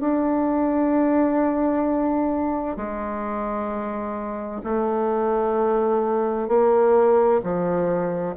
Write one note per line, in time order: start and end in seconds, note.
0.00 2.77 D4
2.77 4.61 G#3
4.63 6.48 A3
6.48 7.40 A#3
7.43 8.35 F3